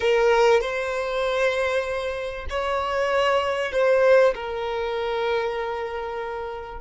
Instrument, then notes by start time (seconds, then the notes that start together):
violin
0.00 A#4
0.60 C5
2.49 C#5
3.72 C5
4.34 A#4